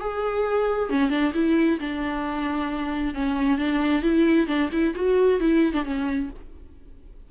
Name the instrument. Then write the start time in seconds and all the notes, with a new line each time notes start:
viola
0.00 G#4
0.90 C#4
1.10 D4
1.34 E4
1.80 D4
3.15 C#4
3.58 D4
4.03 E4
4.47 D4
4.72 E4
4.95 F#4
5.40 E4
5.73 D4
5.85 C#4